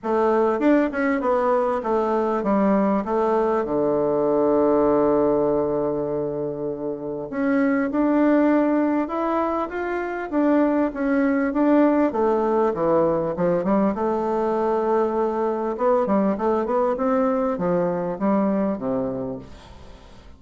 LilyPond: \new Staff \with { instrumentName = "bassoon" } { \time 4/4 \tempo 4 = 99 a4 d'8 cis'8 b4 a4 | g4 a4 d2~ | d1 | cis'4 d'2 e'4 |
f'4 d'4 cis'4 d'4 | a4 e4 f8 g8 a4~ | a2 b8 g8 a8 b8 | c'4 f4 g4 c4 | }